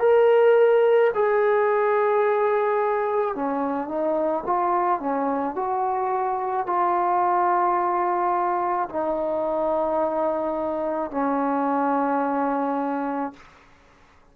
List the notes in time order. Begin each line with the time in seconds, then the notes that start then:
0.00 A#4
1.15 G#4
3.36 C#4
3.89 D#4
4.46 F4
5.01 C#4
5.56 F#4
6.67 F4
8.89 D#4
11.11 C#4